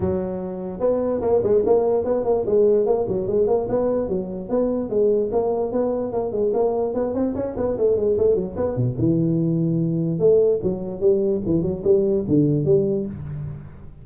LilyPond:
\new Staff \with { instrumentName = "tuba" } { \time 4/4 \tempo 4 = 147 fis2 b4 ais8 gis8 | ais4 b8 ais8 gis4 ais8 fis8 | gis8 ais8 b4 fis4 b4 | gis4 ais4 b4 ais8 gis8 |
ais4 b8 c'8 cis'8 b8 a8 gis8 | a8 fis8 b8 b,8 e2~ | e4 a4 fis4 g4 | e8 fis8 g4 d4 g4 | }